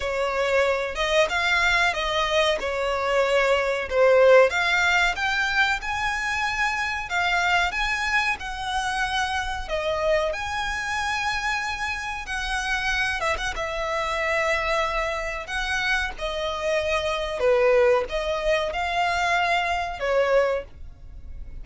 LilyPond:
\new Staff \with { instrumentName = "violin" } { \time 4/4 \tempo 4 = 93 cis''4. dis''8 f''4 dis''4 | cis''2 c''4 f''4 | g''4 gis''2 f''4 | gis''4 fis''2 dis''4 |
gis''2. fis''4~ | fis''8 e''16 fis''16 e''2. | fis''4 dis''2 b'4 | dis''4 f''2 cis''4 | }